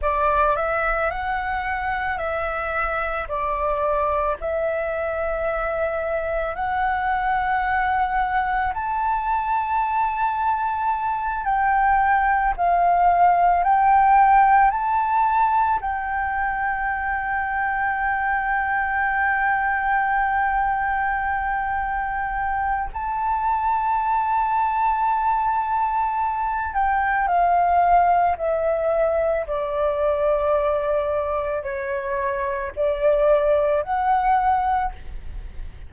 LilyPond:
\new Staff \with { instrumentName = "flute" } { \time 4/4 \tempo 4 = 55 d''8 e''8 fis''4 e''4 d''4 | e''2 fis''2 | a''2~ a''8 g''4 f''8~ | f''8 g''4 a''4 g''4.~ |
g''1~ | g''4 a''2.~ | a''8 g''8 f''4 e''4 d''4~ | d''4 cis''4 d''4 fis''4 | }